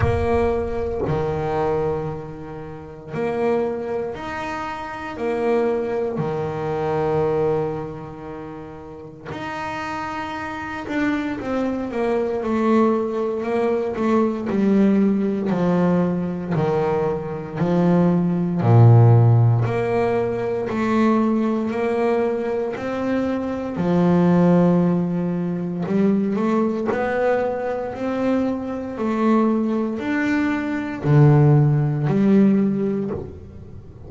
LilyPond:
\new Staff \with { instrumentName = "double bass" } { \time 4/4 \tempo 4 = 58 ais4 dis2 ais4 | dis'4 ais4 dis2~ | dis4 dis'4. d'8 c'8 ais8 | a4 ais8 a8 g4 f4 |
dis4 f4 ais,4 ais4 | a4 ais4 c'4 f4~ | f4 g8 a8 b4 c'4 | a4 d'4 d4 g4 | }